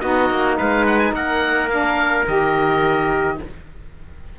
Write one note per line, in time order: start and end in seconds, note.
0.00 0.30 B3
0.00 1.69 D#4
0.00 0.57 F#4
0.00 0.56 D#5
0.30 0.58 A#3
0.57 1.12 G#3
0.57 1.13 B4
0.57 0.86 F5
0.86 0.99 F#5
0.99 1.13 G#5
1.12 2.23 A#3
1.12 3.38 A#4
1.12 1.70 F#5
1.70 2.25 D4
1.70 2.25 F5
2.27 3.38 D#3
2.27 3.38 G4
2.27 3.39 D#5